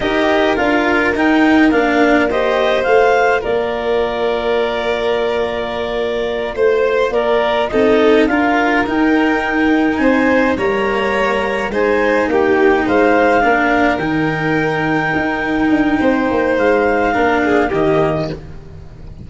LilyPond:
<<
  \new Staff \with { instrumentName = "clarinet" } { \time 4/4 \tempo 4 = 105 dis''4 f''4 g''4 f''4 | dis''4 f''4 d''2~ | d''2.~ d''8 c''8~ | c''8 d''4 dis''4 f''4 g''8~ |
g''4. gis''4 ais''4.~ | ais''8 gis''4 g''4 f''4.~ | f''8 g''2.~ g''8~ | g''4 f''2 dis''4 | }
  \new Staff \with { instrumentName = "violin" } { \time 4/4 ais'1 | c''2 ais'2~ | ais'2.~ ais'8 c''8~ | c''8 ais'4 a'4 ais'4.~ |
ais'4. c''4 cis''4.~ | cis''8 c''4 g'4 c''4 ais'8~ | ais'1 | c''2 ais'8 gis'8 g'4 | }
  \new Staff \with { instrumentName = "cello" } { \time 4/4 g'4 f'4 dis'4 d'4 | g'4 f'2.~ | f'1~ | f'4. dis'4 f'4 dis'8~ |
dis'2~ dis'8 ais4.~ | ais8 dis'2. d'8~ | d'8 dis'2.~ dis'8~ | dis'2 d'4 ais4 | }
  \new Staff \with { instrumentName = "tuba" } { \time 4/4 dis'4 d'4 dis'4 ais4~ | ais4 a4 ais2~ | ais2.~ ais8 a8~ | a8 ais4 c'4 d'4 dis'8~ |
dis'4. c'4 g4.~ | g8 gis4 ais4 gis4 ais8~ | ais8 dis2 dis'4 d'8 | c'8 ais8 gis4 ais4 dis4 | }
>>